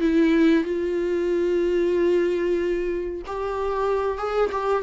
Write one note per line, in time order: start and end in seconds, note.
0.00 0.63 E4
0.63 3.21 F4
3.26 4.18 G4
4.18 4.50 G#4
4.51 4.82 G4